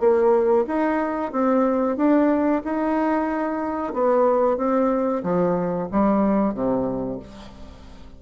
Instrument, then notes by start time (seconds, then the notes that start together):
bassoon
0.00 A#3
0.67 D#4
1.32 C4
1.97 D4
2.65 D#4
3.94 B3
4.57 C4
5.23 F3
5.92 G3
6.54 C3